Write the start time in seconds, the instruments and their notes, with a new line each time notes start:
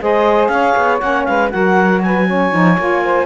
0.00 cello G#3, saxophone G#4 C5, clarinet D#5
0.47 cello C#4, saxophone C#5, clarinet F5
0.77 cello B3
0.99 cello A#3, saxophone C#4, clarinet F#5
1.24 cello G#3, saxophone B4, clarinet F5
1.49 cello F#3, saxophone F#4 A#4, clarinet F#5
2.02 saxophone B4, clarinet G#5
2.27 saxophone C#4 C#5
2.52 cello F3, saxophone D#4
2.78 cello A#3, saxophone F4
3.03 saxophone C5